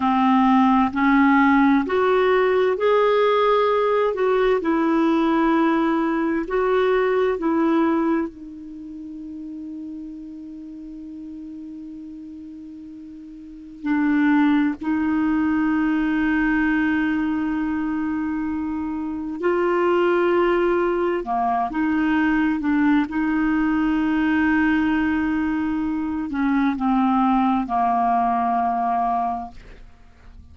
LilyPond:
\new Staff \with { instrumentName = "clarinet" } { \time 4/4 \tempo 4 = 65 c'4 cis'4 fis'4 gis'4~ | gis'8 fis'8 e'2 fis'4 | e'4 dis'2.~ | dis'2. d'4 |
dis'1~ | dis'4 f'2 ais8 dis'8~ | dis'8 d'8 dis'2.~ | dis'8 cis'8 c'4 ais2 | }